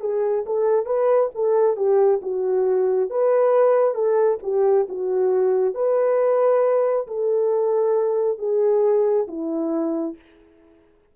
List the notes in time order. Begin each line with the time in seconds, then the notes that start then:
0.00 G#4
0.45 A4
0.85 B4
1.34 A4
1.76 G4
2.22 F#4
3.10 B4
3.94 A4
4.42 G4
4.89 F#4
5.74 B4
7.07 A4
8.38 G#4
9.27 E4